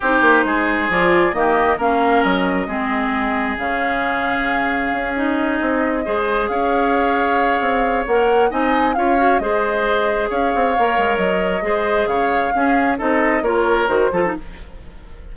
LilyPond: <<
  \new Staff \with { instrumentName = "flute" } { \time 4/4 \tempo 4 = 134 c''2 d''4 dis''4 | f''4 dis''2. | f''2.~ f''8 dis''8~ | dis''2~ dis''8 f''4.~ |
f''2 fis''4 gis''4 | f''4 dis''2 f''4~ | f''4 dis''2 f''4~ | f''4 dis''4 cis''4 c''4 | }
  \new Staff \with { instrumentName = "oboe" } { \time 4/4 g'4 gis'2 g'4 | ais'2 gis'2~ | gis'1~ | gis'4. c''4 cis''4.~ |
cis''2. dis''4 | cis''4 c''2 cis''4~ | cis''2 c''4 cis''4 | gis'4 a'4 ais'4. a'8 | }
  \new Staff \with { instrumentName = "clarinet" } { \time 4/4 dis'2 f'4 ais4 | cis'2 c'2 | cis'2.~ cis'8 dis'8~ | dis'4. gis'2~ gis'8~ |
gis'2 ais'4 dis'4 | f'8 fis'8 gis'2. | ais'2 gis'2 | cis'4 dis'4 f'4 fis'8 f'16 dis'16 | }
  \new Staff \with { instrumentName = "bassoon" } { \time 4/4 c'8 ais8 gis4 f4 dis4 | ais4 fis4 gis2 | cis2. cis'4~ | cis'8 c'4 gis4 cis'4.~ |
cis'4 c'4 ais4 c'4 | cis'4 gis2 cis'8 c'8 | ais8 gis8 fis4 gis4 cis4 | cis'4 c'4 ais4 dis8 f8 | }
>>